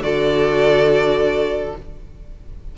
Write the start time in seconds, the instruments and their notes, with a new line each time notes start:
0.00 cello D3, viola F#4, violin A4 D5